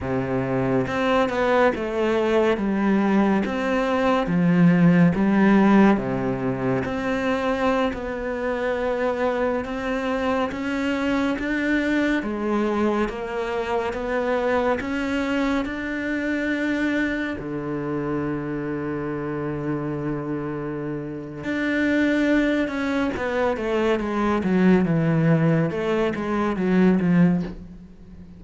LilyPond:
\new Staff \with { instrumentName = "cello" } { \time 4/4 \tempo 4 = 70 c4 c'8 b8 a4 g4 | c'4 f4 g4 c4 | c'4~ c'16 b2 c'8.~ | c'16 cis'4 d'4 gis4 ais8.~ |
ais16 b4 cis'4 d'4.~ d'16~ | d'16 d2.~ d8.~ | d4 d'4. cis'8 b8 a8 | gis8 fis8 e4 a8 gis8 fis8 f8 | }